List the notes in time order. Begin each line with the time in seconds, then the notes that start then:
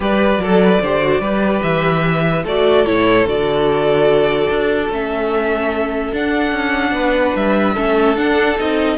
0.00 G3 G4 B4 D5
0.38 F#3 A4
0.63 B4
0.81 D3 G4 C5
1.01 F#4
1.20 G3 G4 B4
1.62 E3 E5
2.43 A3 F#4 A4 D5
2.86 A2 E4 C#5
3.25 D3 F#4 D5
4.49 D4
4.89 A3 C#4 E5
6.12 D4 F#5
6.51 C#4
6.91 B3 B4
7.35 G3 E5
7.74 A3 C#4 A4
8.15 D4 F#5
8.59 C4 D#4 D#5